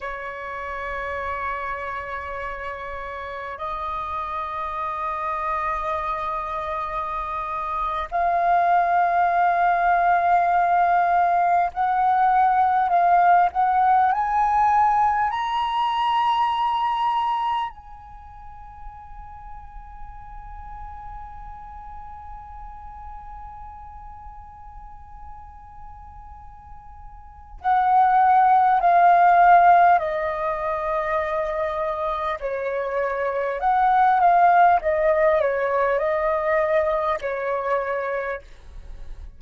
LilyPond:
\new Staff \with { instrumentName = "flute" } { \time 4/4 \tempo 4 = 50 cis''2. dis''4~ | dis''2~ dis''8. f''4~ f''16~ | f''4.~ f''16 fis''4 f''8 fis''8 gis''16~ | gis''8. ais''2 gis''4~ gis''16~ |
gis''1~ | gis''2. fis''4 | f''4 dis''2 cis''4 | fis''8 f''8 dis''8 cis''8 dis''4 cis''4 | }